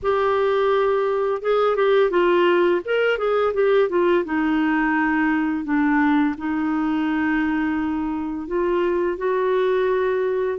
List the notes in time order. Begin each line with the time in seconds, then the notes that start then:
0.02 G4
1.42 G#4
1.76 G4
2.10 F4
2.84 A#4
3.18 G#4
3.53 G4
3.89 F4
4.24 D#4
5.64 D4
6.37 D#4
8.47 F4
9.17 F#4